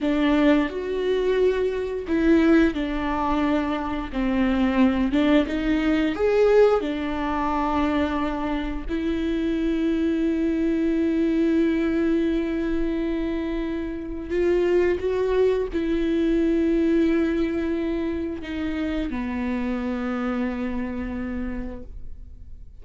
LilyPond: \new Staff \with { instrumentName = "viola" } { \time 4/4 \tempo 4 = 88 d'4 fis'2 e'4 | d'2 c'4. d'8 | dis'4 gis'4 d'2~ | d'4 e'2.~ |
e'1~ | e'4 f'4 fis'4 e'4~ | e'2. dis'4 | b1 | }